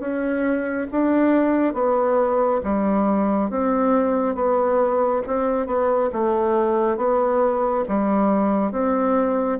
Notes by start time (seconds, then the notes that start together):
0.00 C#4
0.92 D4
1.74 B3
2.64 G3
3.50 C4
4.35 B3
5.27 C4
5.66 B3
6.13 A3
6.97 B3
7.89 G3
8.72 C4